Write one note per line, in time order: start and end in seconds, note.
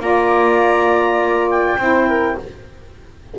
0.00 1.76 A#3
0.00 1.78 F4
0.00 1.79 D5
0.00 1.49 A#5
1.50 2.38 G5
1.77 2.36 C4
1.77 2.38 E4
1.77 2.08 C5
2.08 2.37 A#4